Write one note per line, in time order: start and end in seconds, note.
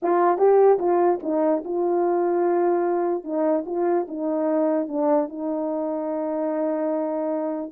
0.02 0.38 F4
0.38 0.78 G4
0.79 1.19 F4
1.23 1.63 D#4
1.64 3.23 F4
3.23 3.64 D#4
3.66 4.06 F4
4.08 4.88 D#4
4.88 5.28 D4
5.28 7.71 D#4